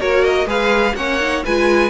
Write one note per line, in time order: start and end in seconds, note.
0.00 0.45 A#3
0.00 0.47 F#4
0.00 0.47 A#4
0.00 0.24 C#5
0.24 0.48 D#5
0.45 0.93 G#3
0.45 0.94 G#4
0.45 0.94 B4
0.45 0.95 F5
0.95 1.43 A#3
0.95 1.20 C#4
0.95 1.44 C#5
0.95 1.43 F#5
1.20 1.44 D#4
1.44 1.89 G#3
1.44 1.89 F4
1.44 1.89 B4
1.44 1.89 G#5